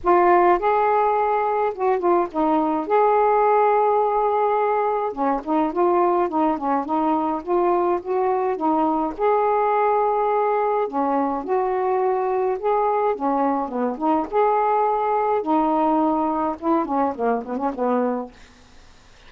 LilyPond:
\new Staff \with { instrumentName = "saxophone" } { \time 4/4 \tempo 4 = 105 f'4 gis'2 fis'8 f'8 | dis'4 gis'2.~ | gis'4 cis'8 dis'8 f'4 dis'8 cis'8 | dis'4 f'4 fis'4 dis'4 |
gis'2. cis'4 | fis'2 gis'4 cis'4 | b8 dis'8 gis'2 dis'4~ | dis'4 e'8 cis'8 ais8 b16 cis'16 b4 | }